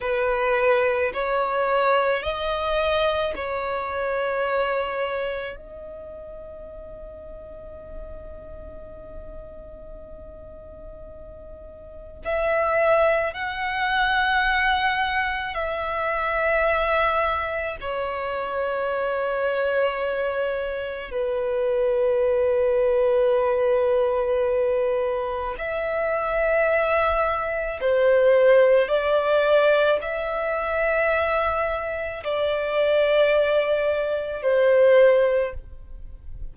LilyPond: \new Staff \with { instrumentName = "violin" } { \time 4/4 \tempo 4 = 54 b'4 cis''4 dis''4 cis''4~ | cis''4 dis''2.~ | dis''2. e''4 | fis''2 e''2 |
cis''2. b'4~ | b'2. e''4~ | e''4 c''4 d''4 e''4~ | e''4 d''2 c''4 | }